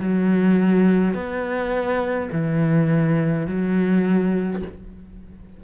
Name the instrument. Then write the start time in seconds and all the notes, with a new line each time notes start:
cello
0.00 F#3
1.14 B3
2.32 E3
3.47 F#3